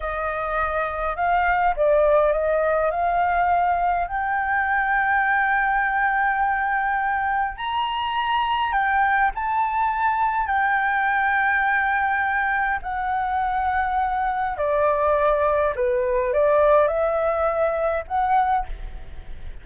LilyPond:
\new Staff \with { instrumentName = "flute" } { \time 4/4 \tempo 4 = 103 dis''2 f''4 d''4 | dis''4 f''2 g''4~ | g''1~ | g''4 ais''2 g''4 |
a''2 g''2~ | g''2 fis''2~ | fis''4 d''2 b'4 | d''4 e''2 fis''4 | }